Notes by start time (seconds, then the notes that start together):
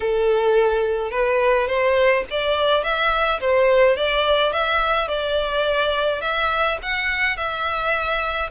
0.00 A4
1.10 B4
1.67 C5
2.30 D5
2.83 E5
3.40 C5
3.96 D5
4.52 E5
5.08 D5
6.21 E5
6.82 F#5
7.36 E5